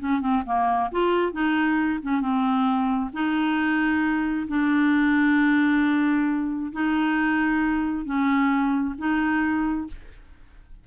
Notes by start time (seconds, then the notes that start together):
0.00 C#4
0.21 C4
0.46 A#3
0.92 F4
1.33 D#4
2.03 C#4
2.21 C4
3.13 D#4
4.48 D4
6.73 D#4
8.06 C#4
8.98 D#4